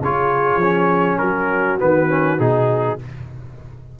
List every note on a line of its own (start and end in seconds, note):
0.00 0.56 C#3
0.00 0.62 F4
0.00 1.21 G#4
0.00 1.18 C#5
0.56 1.15 F3
0.56 1.79 C#4
1.18 1.80 F#3
1.18 3.00 F#4
1.18 1.77 A#4
1.79 2.39 D#3
1.79 2.09 B3
1.79 2.40 B4
2.09 2.38 C#4
2.39 2.99 B2
2.39 2.98 D#4
2.39 2.99 G#4